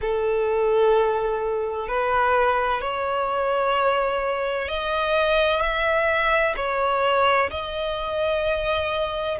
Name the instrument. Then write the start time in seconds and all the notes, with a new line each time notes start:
violin
0.01 A4
1.87 B4
2.81 C#5
4.68 D#5
5.60 E5
6.56 C#5
7.50 D#5